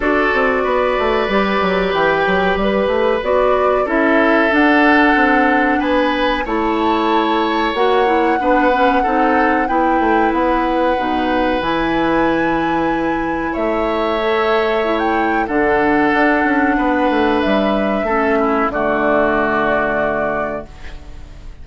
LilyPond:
<<
  \new Staff \with { instrumentName = "flute" } { \time 4/4 \tempo 4 = 93 d''2. g''4 | b'4 d''4 e''4 fis''4~ | fis''4 gis''4 a''2 | fis''2. g''4 |
fis''2 gis''2~ | gis''4 e''2~ e''16 g''8. | fis''2. e''4~ | e''4 d''2. | }
  \new Staff \with { instrumentName = "oboe" } { \time 4/4 a'4 b'2.~ | b'2 a'2~ | a'4 b'4 cis''2~ | cis''4 b'4 a'4 b'4~ |
b'1~ | b'4 cis''2. | a'2 b'2 | a'8 e'8 fis'2. | }
  \new Staff \with { instrumentName = "clarinet" } { \time 4/4 fis'2 g'2~ | g'4 fis'4 e'4 d'4~ | d'2 e'2 | fis'8 e'8 d'8 cis'8 dis'4 e'4~ |
e'4 dis'4 e'2~ | e'2 a'4 e'4 | d'1 | cis'4 a2. | }
  \new Staff \with { instrumentName = "bassoon" } { \time 4/4 d'8 c'8 b8 a8 g8 fis8 e8 fis8 | g8 a8 b4 cis'4 d'4 | c'4 b4 a2 | ais4 b4 c'4 b8 a8 |
b4 b,4 e2~ | e4 a2. | d4 d'8 cis'8 b8 a8 g4 | a4 d2. | }
>>